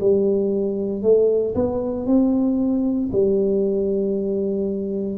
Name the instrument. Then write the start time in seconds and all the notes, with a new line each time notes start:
tuba
0.00 G3
1.03 A3
1.55 B3
2.06 C4
3.12 G3